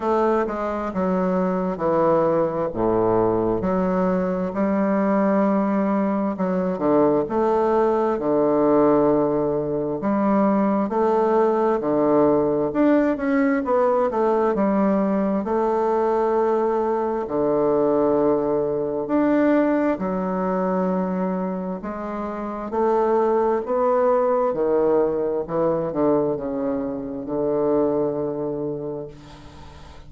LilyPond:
\new Staff \with { instrumentName = "bassoon" } { \time 4/4 \tempo 4 = 66 a8 gis8 fis4 e4 a,4 | fis4 g2 fis8 d8 | a4 d2 g4 | a4 d4 d'8 cis'8 b8 a8 |
g4 a2 d4~ | d4 d'4 fis2 | gis4 a4 b4 dis4 | e8 d8 cis4 d2 | }